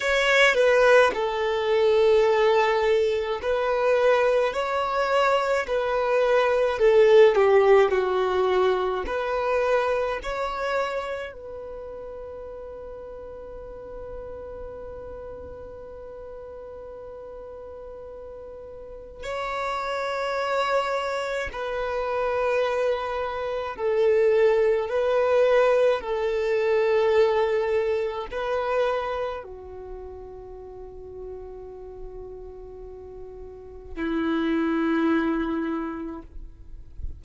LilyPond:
\new Staff \with { instrumentName = "violin" } { \time 4/4 \tempo 4 = 53 cis''8 b'8 a'2 b'4 | cis''4 b'4 a'8 g'8 fis'4 | b'4 cis''4 b'2~ | b'1~ |
b'4 cis''2 b'4~ | b'4 a'4 b'4 a'4~ | a'4 b'4 fis'2~ | fis'2 e'2 | }